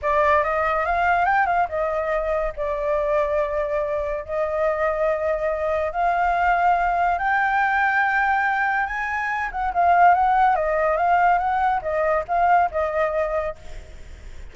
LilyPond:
\new Staff \with { instrumentName = "flute" } { \time 4/4 \tempo 4 = 142 d''4 dis''4 f''4 g''8 f''8 | dis''2 d''2~ | d''2 dis''2~ | dis''2 f''2~ |
f''4 g''2.~ | g''4 gis''4. fis''8 f''4 | fis''4 dis''4 f''4 fis''4 | dis''4 f''4 dis''2 | }